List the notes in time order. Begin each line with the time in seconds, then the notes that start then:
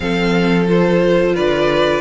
0.00 F3 C4 A4 F5
0.66 F4 C5
1.34 D3 B4 D5